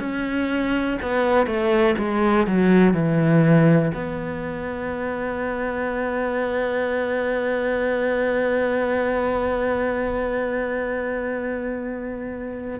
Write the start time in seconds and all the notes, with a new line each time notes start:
0.00 C#4
1.02 B3
1.47 A3
1.98 G#3
2.47 F#3
2.94 E3
3.95 B3